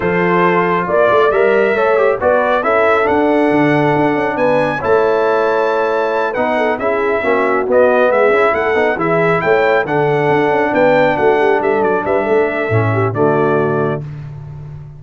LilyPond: <<
  \new Staff \with { instrumentName = "trumpet" } { \time 4/4 \tempo 4 = 137 c''2 d''4 e''4~ | e''4 d''4 e''4 fis''4~ | fis''2 gis''4 a''4~ | a''2~ a''8 fis''4 e''8~ |
e''4. dis''4 e''4 fis''8~ | fis''8 e''4 g''4 fis''4.~ | fis''8 g''4 fis''4 e''8 d''8 e''8~ | e''2 d''2 | }
  \new Staff \with { instrumentName = "horn" } { \time 4/4 a'2 d''2 | cis''4 b'4 a'2~ | a'2 b'4 cis''4~ | cis''2~ cis''8 b'8 a'8 gis'8~ |
gis'8 fis'2 gis'4 a'8~ | a'8 gis'4 cis''4 a'4.~ | a'8 b'4 fis'8 g'8 a'4 b'8 | a'4. g'8 fis'2 | }
  \new Staff \with { instrumentName = "trombone" } { \time 4/4 f'2. ais'4 | a'8 g'8 fis'4 e'4 d'4~ | d'2. e'4~ | e'2~ e'8 dis'4 e'8~ |
e'8 cis'4 b4. e'4 | dis'8 e'2 d'4.~ | d'1~ | d'4 cis'4 a2 | }
  \new Staff \with { instrumentName = "tuba" } { \time 4/4 f2 ais8 a8 g4 | a4 b4 cis'4 d'4 | d4 d'8 cis'8 b4 a4~ | a2~ a8 b4 cis'8~ |
cis'8 ais4 b4 gis8 cis'8 a8 | b8 e4 a4 d4 d'8 | cis'8 b4 a4 g8 fis8 g8 | a4 a,4 d2 | }
>>